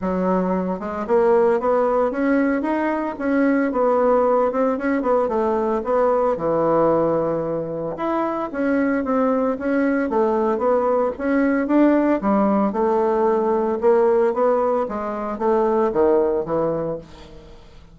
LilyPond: \new Staff \with { instrumentName = "bassoon" } { \time 4/4 \tempo 4 = 113 fis4. gis8 ais4 b4 | cis'4 dis'4 cis'4 b4~ | b8 c'8 cis'8 b8 a4 b4 | e2. e'4 |
cis'4 c'4 cis'4 a4 | b4 cis'4 d'4 g4 | a2 ais4 b4 | gis4 a4 dis4 e4 | }